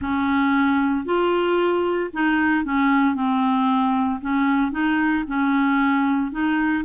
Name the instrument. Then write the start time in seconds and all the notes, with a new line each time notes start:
clarinet
0.01 C#4
1.05 F4
2.13 D#4
2.65 C#4
3.14 C4
4.21 C#4
4.71 D#4
5.27 C#4
6.31 D#4